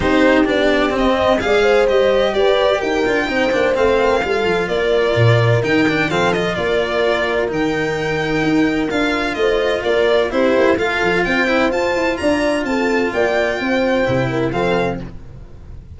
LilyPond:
<<
  \new Staff \with { instrumentName = "violin" } { \time 4/4 \tempo 4 = 128 c''4 d''4 dis''4 f''4 | dis''4 d''4 g''2 | f''2 d''2 | g''4 f''8 dis''8 d''2 |
g''2. f''4 | dis''4 d''4 c''4 f''4 | g''4 a''4 ais''4 a''4 | g''2. f''4 | }
  \new Staff \with { instrumentName = "horn" } { \time 4/4 g'2~ g'8 dis''8 d''8 c''8~ | c''4 b'4 ais'4 c''4~ | c''8 ais'8 a'4 ais'2~ | ais'4 a'4 ais'2~ |
ais'1 | c''4 ais'4 g'4 a'4 | c''2 d''4 a'4 | d''4 c''4. ais'8 a'4 | }
  \new Staff \with { instrumentName = "cello" } { \time 4/4 dis'4 d'4 c'4 gis'4 | g'2~ g'8 f'8 dis'8 d'8 | c'4 f'2. | dis'8 d'8 c'8 f'2~ f'8 |
dis'2. f'4~ | f'2 e'4 f'4~ | f'8 e'8 f'2.~ | f'2 e'4 c'4 | }
  \new Staff \with { instrumentName = "tuba" } { \time 4/4 c'4 b4 c'4 gis4 | g4 g'4 dis'8 d'8 c'8 ais8 | a4 g8 f8 ais4 ais,4 | dis4 f4 ais2 |
dis2 dis'4 d'4 | a4 ais4 c'8 ais8 a8 f8 | c'4 f'8 e'8 d'4 c'4 | ais4 c'4 c4 f4 | }
>>